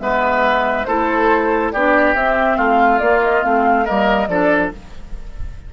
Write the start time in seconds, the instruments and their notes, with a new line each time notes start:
0.00 bassoon G#3, clarinet B3, oboe B4, flute E5
0.85 bassoon A3, clarinet E4, oboe A4, flute C5
1.72 bassoon B3, clarinet D4, oboe G4, flute D5
2.15 bassoon C4, clarinet C4, flute E5
2.57 bassoon A3, oboe F4, flute F5
2.99 clarinet A#3, bassoon A#3, flute D5
3.23 flute D#5
3.43 bassoon A3, clarinet C4, flute F5
3.85 bassoon G3, clarinet A#3, oboe A#4, flute D#5
4.28 bassoon F3, clarinet D4, oboe A4, flute D5